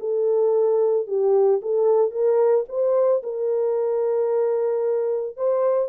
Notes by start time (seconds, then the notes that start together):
0.00 A4
1.07 G4
1.62 A4
2.11 A#4
2.69 C5
3.23 A#4
5.37 C5